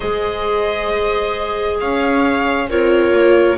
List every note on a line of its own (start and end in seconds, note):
0.00 1.81 G#3
0.00 2.66 G#4
0.00 1.79 C5
0.00 1.76 D#5
1.80 2.68 C#4
1.80 2.69 C#5
1.80 2.69 F5
2.68 3.12 C4
2.68 3.58 F4
2.68 3.57 A#4
2.68 3.58 C#5
3.12 3.56 A#3